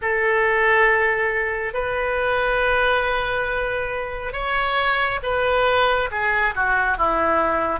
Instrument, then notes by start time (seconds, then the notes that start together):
oboe
0.01 A4
1.73 B4
4.32 C#5
5.22 B4
6.11 G#4
6.55 F#4
6.97 E4